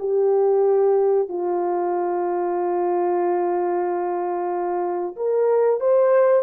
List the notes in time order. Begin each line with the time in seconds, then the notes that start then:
0.00 G4
1.29 F4
5.16 A#4
5.81 C5